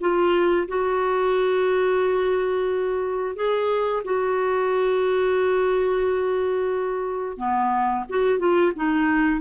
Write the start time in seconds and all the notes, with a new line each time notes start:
0.00 F4
0.68 F#4
3.35 G#4
4.04 F#4
7.37 B3
8.09 F#4
8.38 F4
8.75 D#4